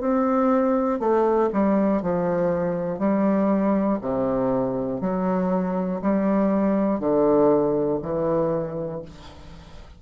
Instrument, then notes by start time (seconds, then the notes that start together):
bassoon
0.00 C4
0.99 A3
1.52 G3
2.02 F3
2.99 G3
4.01 C3
5.00 F#3
6.01 G3
7.00 D3
8.02 E3